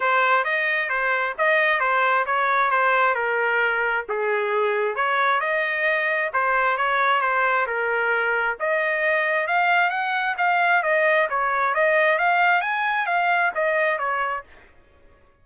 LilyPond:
\new Staff \with { instrumentName = "trumpet" } { \time 4/4 \tempo 4 = 133 c''4 dis''4 c''4 dis''4 | c''4 cis''4 c''4 ais'4~ | ais'4 gis'2 cis''4 | dis''2 c''4 cis''4 |
c''4 ais'2 dis''4~ | dis''4 f''4 fis''4 f''4 | dis''4 cis''4 dis''4 f''4 | gis''4 f''4 dis''4 cis''4 | }